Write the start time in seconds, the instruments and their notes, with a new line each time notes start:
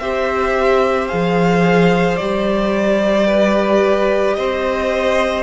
0.00 cello C4, viola G4, violin C5 E5
1.08 cello F3, viola G#4, violin F5
2.17 cello G3, viola G4, violin D5
3.27 violin B4
4.35 cello C4, violin C5 D#5